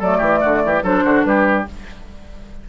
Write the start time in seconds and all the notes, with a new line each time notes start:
0.00 F#3 A3 A4 D5
0.18 E3 G4
0.41 D3 F#4
0.65 E3 G4
0.83 F#3 D4 A4 C5
1.05 D3 F#4
1.24 G3 G4 B4